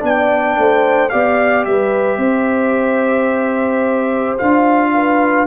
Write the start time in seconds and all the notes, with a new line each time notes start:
0.00 B3 D4 D5 G5
0.58 A3 C5
1.10 B3 G4 D5 F5
1.65 G3 B4 E5
2.17 C4 C5
4.39 D4 F4 F5
4.94 B4